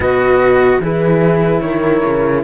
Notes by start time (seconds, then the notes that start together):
0.00 B2 F#4 B4 D#5
0.79 E3 E4 G#4 B4
1.60 D#3 A#4 C#5
2.04 C#3